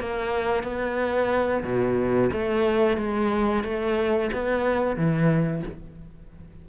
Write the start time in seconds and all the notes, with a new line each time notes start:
0.00 A#3
0.63 B3
1.64 B2
2.32 A3
2.97 G#3
3.63 A3
4.32 B3
4.96 E3